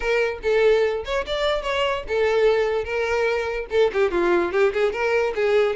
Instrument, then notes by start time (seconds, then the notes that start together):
violin
0.00 A#4
0.43 A4
1.05 C#5
1.26 D5
1.62 C#5
2.08 A4
2.84 A#4
3.70 A4
3.93 G4
4.11 F4
4.52 G4
4.73 G#4
4.92 A#4
5.35 G#4